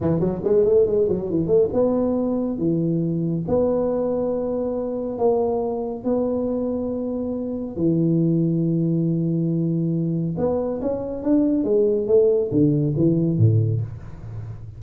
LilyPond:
\new Staff \with { instrumentName = "tuba" } { \time 4/4 \tempo 4 = 139 e8 fis8 gis8 a8 gis8 fis8 e8 a8 | b2 e2 | b1 | ais2 b2~ |
b2 e2~ | e1 | b4 cis'4 d'4 gis4 | a4 d4 e4 a,4 | }